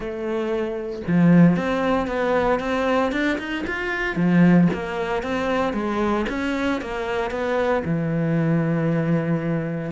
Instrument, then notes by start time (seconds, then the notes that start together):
cello
0.00 A3
1.07 F3
1.56 C4
2.07 B3
2.59 C4
3.12 D4
3.38 D#4
3.66 F4
4.15 F3
4.73 A#3
5.22 C4
5.73 G#3
6.29 C#4
6.81 A#3
7.30 B3
7.85 E3